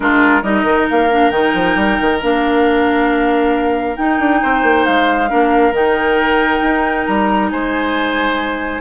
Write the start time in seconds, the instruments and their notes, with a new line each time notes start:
0.00 bassoon G#3, clarinet D4, oboe F4, flute A#4
0.42 bassoon G3, clarinet D#4, oboe A#4, flute D#5
0.63 bassoon D#3
0.90 bassoon A#3, flute F5
1.11 clarinet D4
1.30 bassoon D#3, clarinet D#4, flute G5
1.54 bassoon F3
1.75 bassoon G3
2.00 bassoon D#3
2.22 bassoon A#3, clarinet D4, flute F5
3.96 clarinet D#4, bassoon D#4, flute G5
4.19 bassoon D4
4.42 bassoon C4, oboe C5
4.63 bassoon A#3
4.84 bassoon G#3, flute F5
5.28 bassoon A#3, clarinet D4, oboe A#4
5.72 bassoon D#3, clarinet D#4, flute G5
6.61 bassoon D#4
7.06 bassoon G3, flute A#5
7.50 bassoon G#3, oboe C5, flute G#5